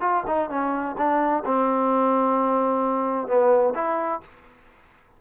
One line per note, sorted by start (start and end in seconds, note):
0.00 0.23 F4
0.26 0.49 D#4
0.49 0.95 C#4
0.97 1.43 D4
1.45 3.27 C4
3.27 3.73 B3
3.74 4.20 E4